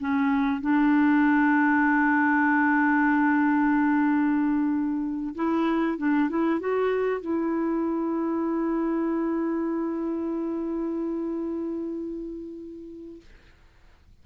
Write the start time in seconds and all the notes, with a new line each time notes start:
0.00 C#4
0.61 D4
5.35 E4
5.98 D4
6.30 E4
6.60 F#4
7.21 E4